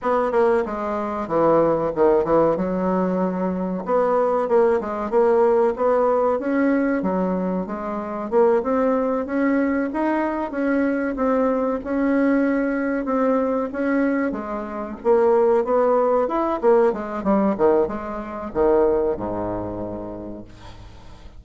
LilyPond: \new Staff \with { instrumentName = "bassoon" } { \time 4/4 \tempo 4 = 94 b8 ais8 gis4 e4 dis8 e8 | fis2 b4 ais8 gis8 | ais4 b4 cis'4 fis4 | gis4 ais8 c'4 cis'4 dis'8~ |
dis'8 cis'4 c'4 cis'4.~ | cis'8 c'4 cis'4 gis4 ais8~ | ais8 b4 e'8 ais8 gis8 g8 dis8 | gis4 dis4 gis,2 | }